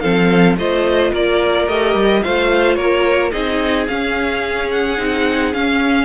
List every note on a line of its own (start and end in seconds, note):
0.00 0.57 F3
0.00 0.57 C4
0.00 0.57 A4
0.00 0.55 F5
0.57 1.12 A3
0.57 1.69 F4
0.57 1.11 C5
0.57 1.13 D#5
1.11 1.67 A#3
1.11 2.21 A#4
1.11 1.68 D5
1.67 1.94 A3
1.67 2.23 G4
1.67 2.23 D#5
1.94 2.22 G3
2.23 2.77 A3
2.23 3.32 F4
2.23 2.77 C5
2.23 2.75 F5
2.75 3.32 A#3
2.75 3.32 A#4
2.75 3.30 C#5
3.31 3.88 C4
3.31 3.87 D#4
3.31 6.05 G#4
3.31 3.86 D#5
3.87 4.98 C#4
3.87 4.70 F5
4.71 5.53 F#5
4.98 5.53 C4
4.98 5.53 D#4
5.53 6.05 C#4
5.53 6.05 F5